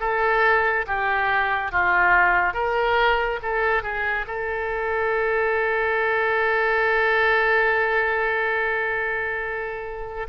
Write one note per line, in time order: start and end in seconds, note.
0.00 0.86 A4
0.87 1.72 G4
1.72 2.54 F4
2.54 3.40 A#4
3.43 3.83 A4
3.83 4.26 G#4
4.27 10.27 A4